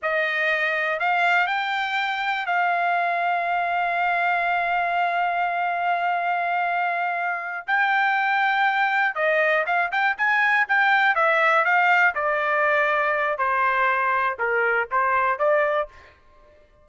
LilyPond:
\new Staff \with { instrumentName = "trumpet" } { \time 4/4 \tempo 4 = 121 dis''2 f''4 g''4~ | g''4 f''2.~ | f''1~ | f''2.~ f''8 g''8~ |
g''2~ g''8 dis''4 f''8 | g''8 gis''4 g''4 e''4 f''8~ | f''8 d''2~ d''8 c''4~ | c''4 ais'4 c''4 d''4 | }